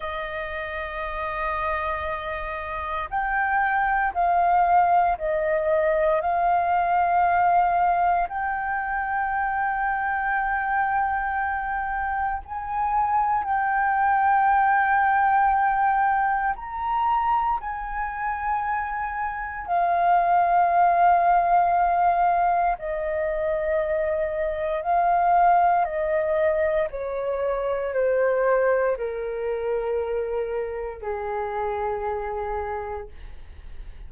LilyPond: \new Staff \with { instrumentName = "flute" } { \time 4/4 \tempo 4 = 58 dis''2. g''4 | f''4 dis''4 f''2 | g''1 | gis''4 g''2. |
ais''4 gis''2 f''4~ | f''2 dis''2 | f''4 dis''4 cis''4 c''4 | ais'2 gis'2 | }